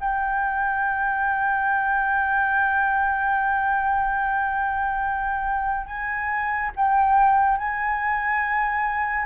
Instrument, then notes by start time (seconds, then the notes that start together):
flute
0.00 G5
5.87 G#5
6.76 G5
7.57 G#5